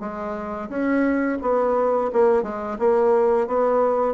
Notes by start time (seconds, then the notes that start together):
0.00 G#3
0.69 C#4
1.42 B3
2.13 A#3
2.43 G#3
2.79 A#3
3.47 B3